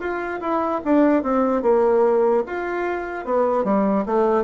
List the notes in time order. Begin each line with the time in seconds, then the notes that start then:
0.00 F4
0.41 E4
0.85 D4
1.23 C4
1.63 A#3
2.46 F4
3.25 B3
3.64 G3
4.06 A3